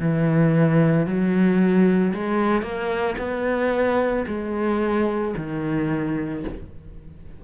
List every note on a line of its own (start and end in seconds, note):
0.00 1.07 E3
1.07 2.14 F#3
2.15 2.62 G#3
2.62 3.16 A#3
3.19 4.26 B3
4.28 5.35 G#3
5.38 6.45 D#3